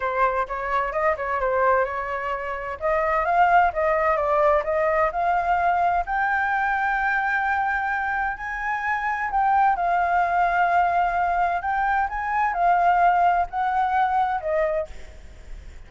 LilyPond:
\new Staff \with { instrumentName = "flute" } { \time 4/4 \tempo 4 = 129 c''4 cis''4 dis''8 cis''8 c''4 | cis''2 dis''4 f''4 | dis''4 d''4 dis''4 f''4~ | f''4 g''2.~ |
g''2 gis''2 | g''4 f''2.~ | f''4 g''4 gis''4 f''4~ | f''4 fis''2 dis''4 | }